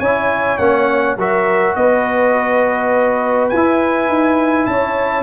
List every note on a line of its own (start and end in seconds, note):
0.00 0.58 C#4
0.00 0.60 E4
0.00 1.17 C#5
0.00 0.58 G#5
0.58 1.17 A#3
0.58 1.18 C#4
0.58 1.16 F#5
1.17 1.75 F#3
1.17 3.53 F#4
1.17 1.77 A#4
1.17 1.76 E5
1.76 3.51 B3
1.76 4.71 B4
1.76 3.50 D#5
3.50 4.09 E4
3.50 4.66 G#5
3.56 5.23 E4
4.09 4.67 D#4
4.66 5.23 C#4
4.66 5.23 C#5
4.66 5.23 A5